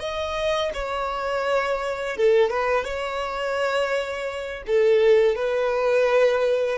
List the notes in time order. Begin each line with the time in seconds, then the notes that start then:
0.00 D#5
0.74 C#5
2.17 A4
2.51 B4
2.85 C#5
4.67 A4
5.36 B4